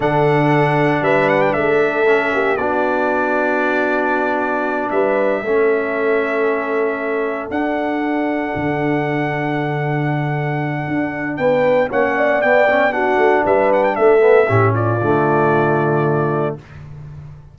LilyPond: <<
  \new Staff \with { instrumentName = "trumpet" } { \time 4/4 \tempo 4 = 116 fis''2 e''8 fis''16 g''16 e''4~ | e''4 d''2.~ | d''4. e''2~ e''8~ | e''2~ e''8 fis''4.~ |
fis''1~ | fis''2 g''4 fis''4 | g''4 fis''4 e''8 fis''16 g''16 e''4~ | e''8 d''2.~ d''8 | }
  \new Staff \with { instrumentName = "horn" } { \time 4/4 a'2 b'4 a'4~ | a'8 g'8 fis'2.~ | fis'4. b'4 a'4.~ | a'1~ |
a'1~ | a'2 b'4 cis''8 d''8~ | d''4 fis'4 b'4 a'4 | g'8 f'2.~ f'8 | }
  \new Staff \with { instrumentName = "trombone" } { \time 4/4 d'1 | cis'4 d'2.~ | d'2~ d'8 cis'4.~ | cis'2~ cis'8 d'4.~ |
d'1~ | d'2. cis'4 | b8 cis'8 d'2~ d'8 b8 | cis'4 a2. | }
  \new Staff \with { instrumentName = "tuba" } { \time 4/4 d2 g4 a4~ | a8 ais8 b2.~ | b4. g4 a4.~ | a2~ a8 d'4.~ |
d'8 d2.~ d8~ | d4 d'4 b4 ais4 | b4. a8 g4 a4 | a,4 d2. | }
>>